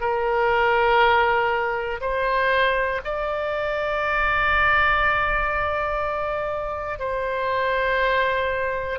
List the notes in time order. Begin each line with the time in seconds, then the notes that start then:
0.00 A#4
2.00 C5
3.04 D5
6.99 C5